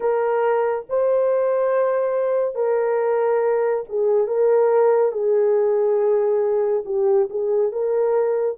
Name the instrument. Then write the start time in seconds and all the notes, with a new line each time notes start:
horn
0.00 A#4
0.89 C5
2.55 A#4
3.88 G#4
4.27 A#4
5.12 G#4
6.85 G4
7.29 G#4
7.71 A#4